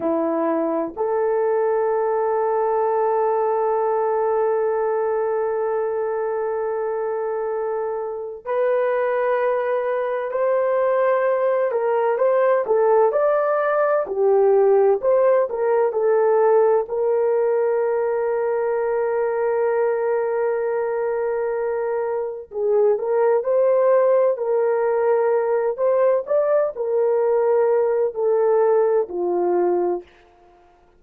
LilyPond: \new Staff \with { instrumentName = "horn" } { \time 4/4 \tempo 4 = 64 e'4 a'2.~ | a'1~ | a'4 b'2 c''4~ | c''8 ais'8 c''8 a'8 d''4 g'4 |
c''8 ais'8 a'4 ais'2~ | ais'1 | gis'8 ais'8 c''4 ais'4. c''8 | d''8 ais'4. a'4 f'4 | }